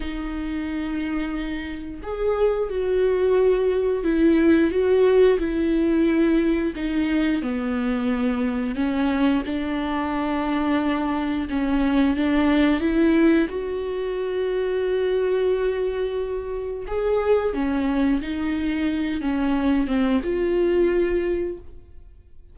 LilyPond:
\new Staff \with { instrumentName = "viola" } { \time 4/4 \tempo 4 = 89 dis'2. gis'4 | fis'2 e'4 fis'4 | e'2 dis'4 b4~ | b4 cis'4 d'2~ |
d'4 cis'4 d'4 e'4 | fis'1~ | fis'4 gis'4 cis'4 dis'4~ | dis'8 cis'4 c'8 f'2 | }